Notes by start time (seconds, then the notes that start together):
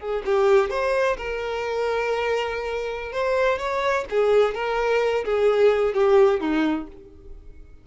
0.00 G#4
0.26 G4
0.71 C5
1.18 A#4
3.13 C5
3.59 C#5
4.11 G#4
4.55 A#4
5.25 G#4
5.95 G4
6.41 D#4